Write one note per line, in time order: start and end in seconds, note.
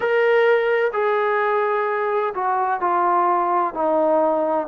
0.00 0.91 A#4
0.92 2.33 G#4
2.34 2.80 F#4
2.80 3.74 F4
3.74 4.67 D#4